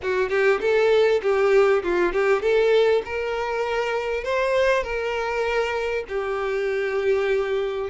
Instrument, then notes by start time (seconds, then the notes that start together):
violin
0.02 F#4
0.29 G4
0.60 A4
1.22 G4
1.83 F4
2.12 G4
2.42 A4
3.05 A#4
4.24 C5
4.83 A#4
6.08 G4